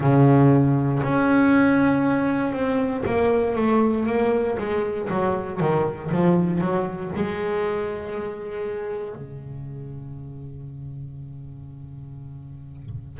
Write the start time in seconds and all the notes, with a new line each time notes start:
0.00 C#3
1.03 C#4
2.52 C4
3.05 A#3
3.55 A3
4.06 A#3
4.58 G#3
5.09 F#3
5.59 D#3
6.11 F3
6.61 F#3
7.15 G#3
9.15 C#3